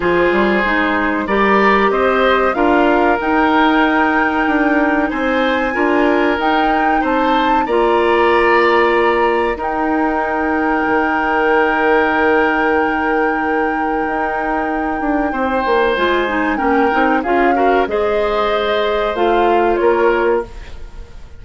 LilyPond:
<<
  \new Staff \with { instrumentName = "flute" } { \time 4/4 \tempo 4 = 94 c''2 ais'4 dis''4 | f''4 g''2. | gis''2 g''4 a''4 | ais''2. g''4~ |
g''1~ | g''1~ | g''4 gis''4 g''4 f''4 | dis''2 f''4 cis''4 | }
  \new Staff \with { instrumentName = "oboe" } { \time 4/4 gis'2 d''4 c''4 | ais'1 | c''4 ais'2 c''4 | d''2. ais'4~ |
ais'1~ | ais'1 | c''2 ais'4 gis'8 ais'8 | c''2. ais'4 | }
  \new Staff \with { instrumentName = "clarinet" } { \time 4/4 f'4 dis'4 g'2 | f'4 dis'2.~ | dis'4 f'4 dis'2 | f'2. dis'4~ |
dis'1~ | dis'1~ | dis'4 f'8 dis'8 cis'8 dis'8 f'8 fis'8 | gis'2 f'2 | }
  \new Staff \with { instrumentName = "bassoon" } { \time 4/4 f8 g8 gis4 g4 c'4 | d'4 dis'2 d'4 | c'4 d'4 dis'4 c'4 | ais2. dis'4~ |
dis'4 dis2.~ | dis2 dis'4. d'8 | c'8 ais8 gis4 ais8 c'8 cis'4 | gis2 a4 ais4 | }
>>